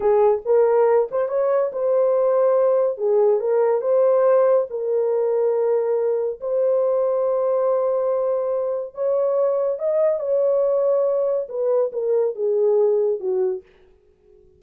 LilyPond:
\new Staff \with { instrumentName = "horn" } { \time 4/4 \tempo 4 = 141 gis'4 ais'4. c''8 cis''4 | c''2. gis'4 | ais'4 c''2 ais'4~ | ais'2. c''4~ |
c''1~ | c''4 cis''2 dis''4 | cis''2. b'4 | ais'4 gis'2 fis'4 | }